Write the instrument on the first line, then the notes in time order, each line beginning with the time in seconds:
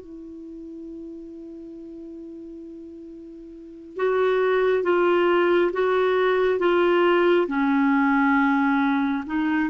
clarinet
0.00 E4
3.96 F#4
4.82 F4
5.72 F#4
6.59 F4
7.47 C#4
9.26 D#4